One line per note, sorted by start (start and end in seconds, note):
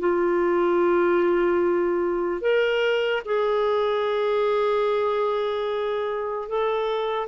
0.00 2.42 F4
2.42 3.23 A#4
3.26 6.49 G#4
6.49 7.28 A4